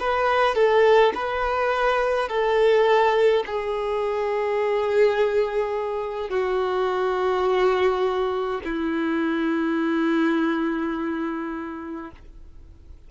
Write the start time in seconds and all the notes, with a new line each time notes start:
0.00 B4
0.55 A4
1.15 B4
2.29 A4
3.47 G#4
6.30 F#4
8.65 E4